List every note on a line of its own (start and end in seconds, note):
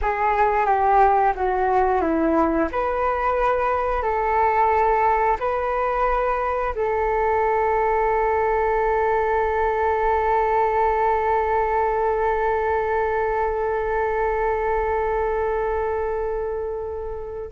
0.01 0.65 G#4
0.65 1.33 G4
1.35 2.01 F#4
2.01 2.68 E4
2.72 4.02 B4
4.02 5.37 A4
5.39 6.74 B4
6.75 17.51 A4